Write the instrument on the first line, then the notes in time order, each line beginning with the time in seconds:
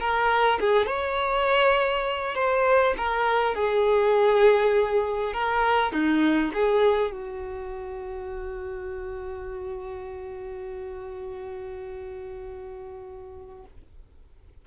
violin
0.00 A#4
0.60 G#4
0.87 C#5
2.35 C5
2.97 A#4
3.55 G#4
5.33 A#4
5.92 D#4
6.54 G#4
7.11 F#4